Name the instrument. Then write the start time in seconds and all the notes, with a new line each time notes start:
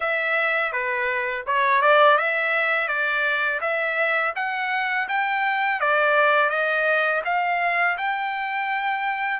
trumpet
0.00 E5
0.72 B4
1.46 C#5
1.81 D5
2.17 E5
2.88 D5
3.60 E5
4.35 F#5
5.08 G5
5.80 D5
6.49 D#5
7.25 F5
7.97 G5